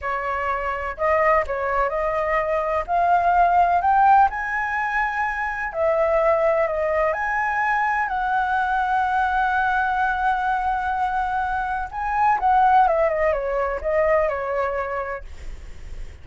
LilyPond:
\new Staff \with { instrumentName = "flute" } { \time 4/4 \tempo 4 = 126 cis''2 dis''4 cis''4 | dis''2 f''2 | g''4 gis''2. | e''2 dis''4 gis''4~ |
gis''4 fis''2.~ | fis''1~ | fis''4 gis''4 fis''4 e''8 dis''8 | cis''4 dis''4 cis''2 | }